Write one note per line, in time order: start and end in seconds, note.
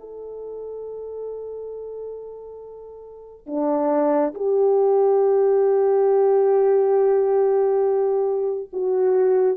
0.00 3.47 A4
3.47 4.34 D4
4.34 8.69 G4
8.73 9.57 F#4